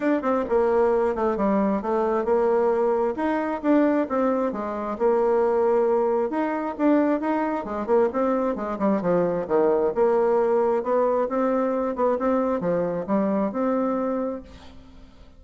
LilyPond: \new Staff \with { instrumentName = "bassoon" } { \time 4/4 \tempo 4 = 133 d'8 c'8 ais4. a8 g4 | a4 ais2 dis'4 | d'4 c'4 gis4 ais4~ | ais2 dis'4 d'4 |
dis'4 gis8 ais8 c'4 gis8 g8 | f4 dis4 ais2 | b4 c'4. b8 c'4 | f4 g4 c'2 | }